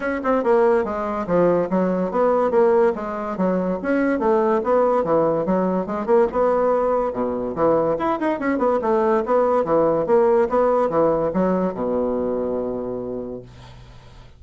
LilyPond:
\new Staff \with { instrumentName = "bassoon" } { \time 4/4 \tempo 4 = 143 cis'8 c'8 ais4 gis4 f4 | fis4 b4 ais4 gis4 | fis4 cis'4 a4 b4 | e4 fis4 gis8 ais8 b4~ |
b4 b,4 e4 e'8 dis'8 | cis'8 b8 a4 b4 e4 | ais4 b4 e4 fis4 | b,1 | }